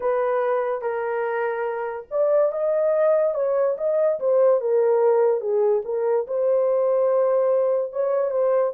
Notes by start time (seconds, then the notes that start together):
0.00 B4
0.81 A#4
2.11 D5
2.52 D#5
3.34 C#5
3.77 D#5
4.19 C5
4.61 A#4
5.40 G#4
5.84 A#4
6.27 C5
7.92 C#5
8.30 C5